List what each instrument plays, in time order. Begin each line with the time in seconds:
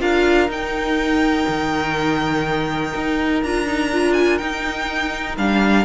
0.00 cello D4, viola F4, violin A#4 F5
0.48 cello D#4, viola D#4, violin G5
1.48 cello D#3
2.95 cello D#4
3.43 cello D4, viola F4, violin A#5
3.66 viola D#4
3.92 viola F4
4.13 violin G#5
4.37 viola D#4, cello D#4, violin G5
5.37 cello G3, viola D4, violin F5